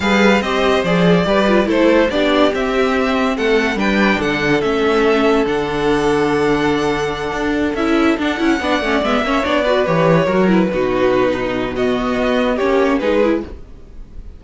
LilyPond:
<<
  \new Staff \with { instrumentName = "violin" } { \time 4/4 \tempo 4 = 143 f''4 dis''4 d''2 | c''4 d''4 e''2 | fis''4 g''4 fis''4 e''4~ | e''4 fis''2.~ |
fis''2~ fis''8 e''4 fis''8~ | fis''4. e''4 d''4 cis''8~ | cis''4 b'2. | dis''2 cis''4 b'4 | }
  \new Staff \with { instrumentName = "violin" } { \time 4/4 b'4 c''2 b'4 | a'4 g'2. | a'4 b'4 a'2~ | a'1~ |
a'1~ | a'8 d''4. cis''4 b'4~ | b'8 ais'4 fis'4. dis'4 | fis'2 g'4 gis'4 | }
  \new Staff \with { instrumentName = "viola" } { \time 4/4 gis'4 g'4 gis'4 g'8 f'8 | e'4 d'4 c'2~ | c'4 d'2 cis'4~ | cis'4 d'2.~ |
d'2~ d'8 e'4 d'8 | e'8 d'8 cis'8 b8 cis'8 d'8 fis'8 g'8~ | g'8 fis'8 e'8 dis'2~ dis'8 | b2 cis'4 dis'8 e'8 | }
  \new Staff \with { instrumentName = "cello" } { \time 4/4 g4 c'4 f4 g4 | a4 b4 c'2 | a4 g4 d4 a4~ | a4 d2.~ |
d4. d'4 cis'4 d'8 | cis'8 b8 a8 gis8 ais8 b4 e8~ | e8 fis4 b,2~ b,8~ | b,4 b4 ais4 gis4 | }
>>